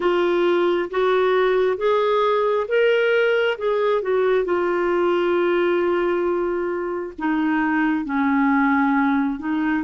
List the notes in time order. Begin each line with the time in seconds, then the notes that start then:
0.00 F4
0.90 F#4
1.77 G#4
2.67 A#4
3.57 G#4
4.02 F#4
4.44 F4
7.18 D#4
8.04 C#4
9.39 D#4